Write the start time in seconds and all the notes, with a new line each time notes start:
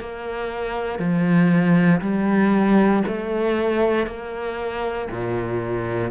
0.00 A#3
0.99 F3
2.01 G3
3.07 A3
4.07 A#3
5.11 A#2